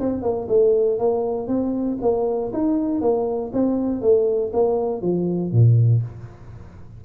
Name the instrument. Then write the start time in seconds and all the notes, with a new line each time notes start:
tuba
0.00 C4
0.22 A#3
0.48 A3
0.99 A#3
1.47 C4
2.01 A#3
2.53 D#4
3.01 A#3
3.53 C4
4.01 A3
4.53 A#3
5.02 F3
5.52 A#2